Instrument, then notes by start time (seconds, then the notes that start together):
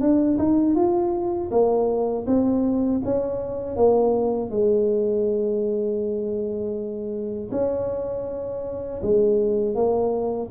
tuba
0.00 D4
0.38 D#4
0.75 F4
1.51 A#3
2.26 C4
3.04 C#4
3.76 A#3
4.50 G#3
7.51 C#4
9.02 G#3
9.75 A#3